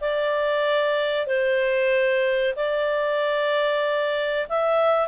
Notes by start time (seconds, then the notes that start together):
0.00 D5
1.26 C5
2.55 D5
4.48 E5